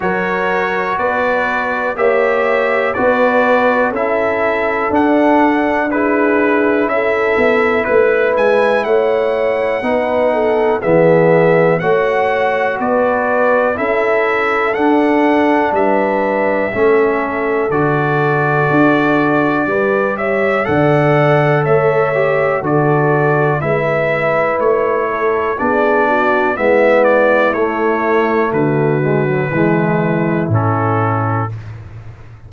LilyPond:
<<
  \new Staff \with { instrumentName = "trumpet" } { \time 4/4 \tempo 4 = 61 cis''4 d''4 e''4 d''4 | e''4 fis''4 b'4 e''4 | b'8 gis''8 fis''2 e''4 | fis''4 d''4 e''4 fis''4 |
e''2 d''2~ | d''8 e''8 fis''4 e''4 d''4 | e''4 cis''4 d''4 e''8 d''8 | cis''4 b'2 a'4 | }
  \new Staff \with { instrumentName = "horn" } { \time 4/4 ais'4 b'4 cis''4 b'4 | a'2 gis'4 a'4 | b'4 cis''4 b'8 a'8 gis'4 | cis''4 b'4 a'2 |
b'4 a'2. | b'8 cis''8 d''4 cis''4 a'4 | b'4. a'8 gis'8 fis'8 e'4~ | e'4 fis'4 e'2 | }
  \new Staff \with { instrumentName = "trombone" } { \time 4/4 fis'2 g'4 fis'4 | e'4 d'4 e'2~ | e'2 dis'4 b4 | fis'2 e'4 d'4~ |
d'4 cis'4 fis'2 | g'4 a'4. g'8 fis'4 | e'2 d'4 b4 | a4. gis16 fis16 gis4 cis'4 | }
  \new Staff \with { instrumentName = "tuba" } { \time 4/4 fis4 b4 ais4 b4 | cis'4 d'2 cis'8 b8 | a8 gis8 a4 b4 e4 | a4 b4 cis'4 d'4 |
g4 a4 d4 d'4 | g4 d4 a4 d4 | gis4 a4 b4 gis4 | a4 d4 e4 a,4 | }
>>